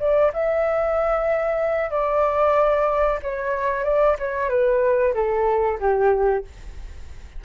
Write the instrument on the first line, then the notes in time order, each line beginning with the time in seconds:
flute
0.00 D5
0.34 E5
1.91 D5
3.23 C#5
3.84 D5
4.19 C#5
4.50 B4
5.15 A4
5.80 G4